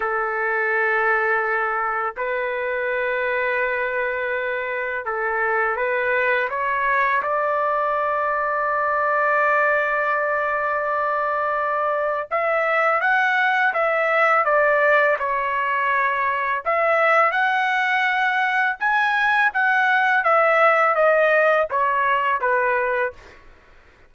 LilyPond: \new Staff \with { instrumentName = "trumpet" } { \time 4/4 \tempo 4 = 83 a'2. b'4~ | b'2. a'4 | b'4 cis''4 d''2~ | d''1~ |
d''4 e''4 fis''4 e''4 | d''4 cis''2 e''4 | fis''2 gis''4 fis''4 | e''4 dis''4 cis''4 b'4 | }